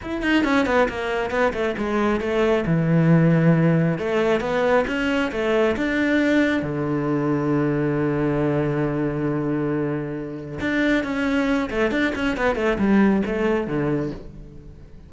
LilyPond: \new Staff \with { instrumentName = "cello" } { \time 4/4 \tempo 4 = 136 e'8 dis'8 cis'8 b8 ais4 b8 a8 | gis4 a4 e2~ | e4 a4 b4 cis'4 | a4 d'2 d4~ |
d1~ | d1 | d'4 cis'4. a8 d'8 cis'8 | b8 a8 g4 a4 d4 | }